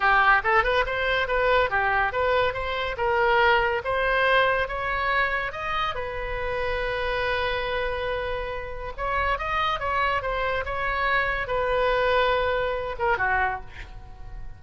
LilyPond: \new Staff \with { instrumentName = "oboe" } { \time 4/4 \tempo 4 = 141 g'4 a'8 b'8 c''4 b'4 | g'4 b'4 c''4 ais'4~ | ais'4 c''2 cis''4~ | cis''4 dis''4 b'2~ |
b'1~ | b'4 cis''4 dis''4 cis''4 | c''4 cis''2 b'4~ | b'2~ b'8 ais'8 fis'4 | }